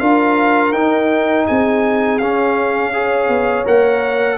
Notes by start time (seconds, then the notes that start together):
0.00 D4 F4 A#4 F5
0.73 D#4 G5
1.47 C4 G#4 G#5
2.18 C#4 F5
2.93 G#4 C#5
3.29 B3
3.65 A#3 A#4 F#5